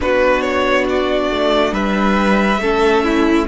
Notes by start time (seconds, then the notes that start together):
0.00 B3 D4 F#4 B4
0.41 C#5
0.88 D5
1.30 A3
1.72 G3 B4 E5
2.58 A3 C#4 A4
3.03 E4